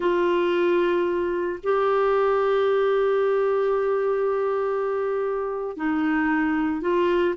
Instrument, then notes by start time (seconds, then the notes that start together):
clarinet
0.00 F4
1.63 G4
5.76 D#4
6.81 F4